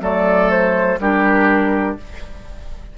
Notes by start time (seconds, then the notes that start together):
0.00 F#3 A3 A4 D5
0.50 C5
0.99 G3 D4 G4 A#4